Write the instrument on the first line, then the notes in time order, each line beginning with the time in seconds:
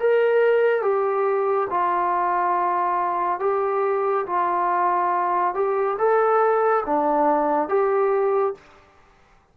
trombone
0.00 A#4
0.82 G4
1.70 F4
3.40 G4
4.26 F4
5.54 G4
5.98 A4
6.86 D4
7.69 G4